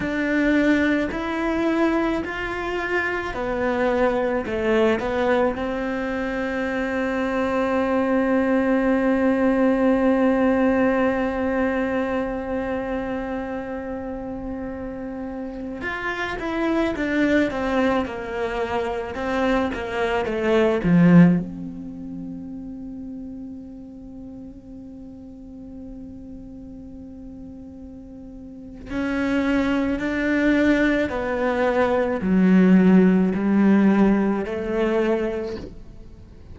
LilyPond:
\new Staff \with { instrumentName = "cello" } { \time 4/4 \tempo 4 = 54 d'4 e'4 f'4 b4 | a8 b8 c'2.~ | c'1~ | c'2~ c'16 f'8 e'8 d'8 c'16~ |
c'16 ais4 c'8 ais8 a8 f8 c'8.~ | c'1~ | c'2 cis'4 d'4 | b4 fis4 g4 a4 | }